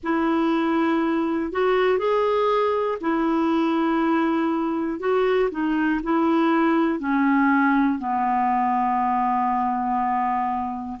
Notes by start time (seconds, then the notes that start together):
0.03 E4
1.52 F#4
1.98 G#4
3.00 E4
4.99 F#4
5.50 D#4
6.03 E4
6.99 C#4
7.98 B3